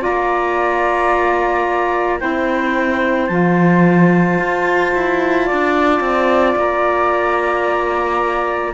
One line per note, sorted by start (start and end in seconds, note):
0.00 2.18 F4
0.00 2.19 D5
0.00 2.20 A#5
0.06 2.22 A#3
2.19 3.29 C4
2.19 3.28 E4
2.19 5.45 C5
2.19 3.27 G5
3.27 4.38 F3
3.27 8.74 F4
3.27 6.54 A5
4.38 4.93 F4
4.94 5.49 E4
5.45 8.72 D5
5.52 6.00 D4
6.00 6.54 C4
6.56 8.74 A#3
6.56 8.74 A#5